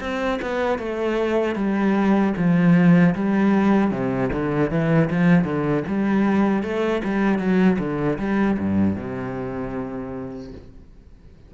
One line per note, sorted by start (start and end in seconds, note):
0.00 0.39 C4
0.41 0.78 B3
0.78 1.55 A3
1.55 2.33 G3
2.37 3.15 F3
3.15 3.91 G3
3.91 4.30 C3
4.32 4.70 D3
4.70 5.09 E3
5.10 5.44 F3
5.44 5.83 D3
5.87 6.63 G3
6.63 7.02 A3
7.04 7.38 G3
7.38 7.77 F#3
7.79 8.18 D3
8.19 8.57 G3
8.59 8.95 G2
8.95 10.51 C3